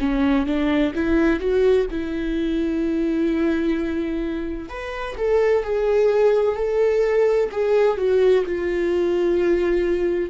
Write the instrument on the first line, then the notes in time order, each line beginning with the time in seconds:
viola
0.00 C#4
0.47 D4
0.95 E4
1.40 F#4
1.91 E4
4.70 B4
5.18 A4
5.64 G#4
6.57 A4
7.52 G#4
7.98 F#4
8.46 F4